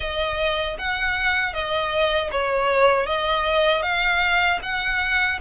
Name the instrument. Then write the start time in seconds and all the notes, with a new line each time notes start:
violin
0.00 D#5
0.78 F#5
1.53 D#5
2.31 C#5
3.06 D#5
3.82 F5
4.62 F#5